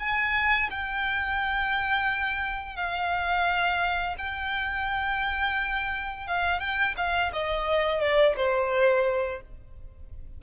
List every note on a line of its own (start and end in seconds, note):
0.00 0.70 G#5
0.71 2.77 G5
2.77 4.16 F5
4.18 6.27 G5
6.27 6.60 F5
6.60 6.95 G5
6.97 7.32 F5
7.33 8.01 D#5
8.01 8.36 D5
8.37 9.42 C5